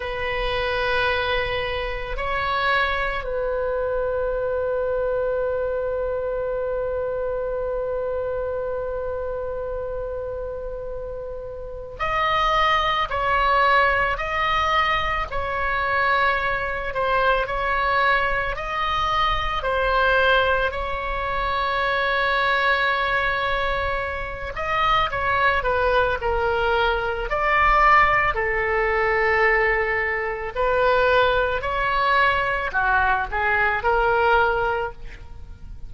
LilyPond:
\new Staff \with { instrumentName = "oboe" } { \time 4/4 \tempo 4 = 55 b'2 cis''4 b'4~ | b'1~ | b'2. dis''4 | cis''4 dis''4 cis''4. c''8 |
cis''4 dis''4 c''4 cis''4~ | cis''2~ cis''8 dis''8 cis''8 b'8 | ais'4 d''4 a'2 | b'4 cis''4 fis'8 gis'8 ais'4 | }